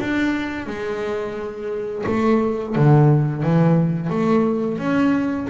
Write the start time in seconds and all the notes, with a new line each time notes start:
0.00 D4
0.67 G#3
2.07 A3
2.76 D3
3.43 E3
4.10 A3
4.78 C#4